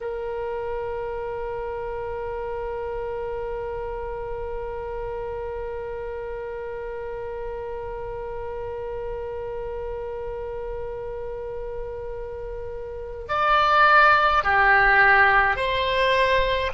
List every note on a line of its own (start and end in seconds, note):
0.00 13.27 A#4
13.28 14.43 D5
14.43 15.56 G4
15.56 16.71 C5